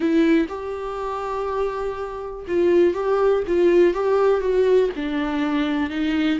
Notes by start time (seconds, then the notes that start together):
0.00 E4
0.48 G4
2.47 F4
2.94 G4
3.47 F4
3.94 G4
4.41 F#4
4.96 D4
5.89 D#4